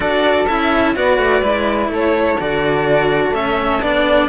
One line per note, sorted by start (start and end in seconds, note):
0.00 0.46 D4
0.00 0.46 F#4
0.00 0.95 A4
0.00 0.46 D5
0.47 0.95 C#4
0.47 0.95 E4
0.47 0.95 E5
0.95 1.18 B3
0.95 1.41 F#4
0.95 1.90 B4
0.95 1.91 D5
1.18 1.41 A3
1.41 1.88 G#3
1.41 2.37 E4
1.88 2.36 A3
1.88 4.28 A4
1.88 2.40 C#5
2.39 3.30 D3
2.39 3.34 F#4
2.39 3.34 D5
3.30 3.78 A3
3.30 3.82 C#4
3.30 3.82 E5
3.81 4.28 B3
3.81 4.28 D4
3.81 4.28 D5